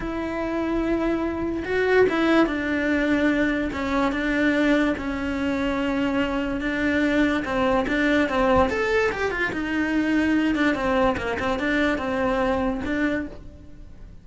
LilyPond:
\new Staff \with { instrumentName = "cello" } { \time 4/4 \tempo 4 = 145 e'1 | fis'4 e'4 d'2~ | d'4 cis'4 d'2 | cis'1 |
d'2 c'4 d'4 | c'4 a'4 g'8 f'8 dis'4~ | dis'4. d'8 c'4 ais8 c'8 | d'4 c'2 d'4 | }